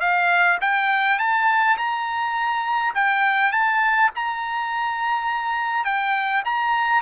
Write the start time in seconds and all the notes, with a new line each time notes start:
0.00 F5
0.61 G5
1.19 A5
1.77 A#5
2.95 G5
3.52 A5
4.15 A#5
5.85 G5
6.45 A#5